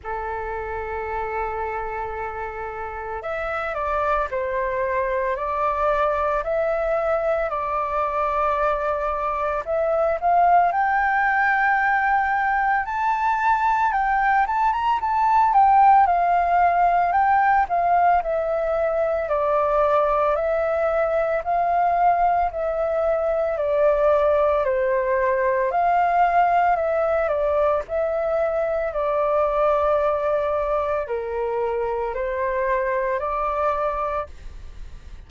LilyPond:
\new Staff \with { instrumentName = "flute" } { \time 4/4 \tempo 4 = 56 a'2. e''8 d''8 | c''4 d''4 e''4 d''4~ | d''4 e''8 f''8 g''2 | a''4 g''8 a''16 ais''16 a''8 g''8 f''4 |
g''8 f''8 e''4 d''4 e''4 | f''4 e''4 d''4 c''4 | f''4 e''8 d''8 e''4 d''4~ | d''4 ais'4 c''4 d''4 | }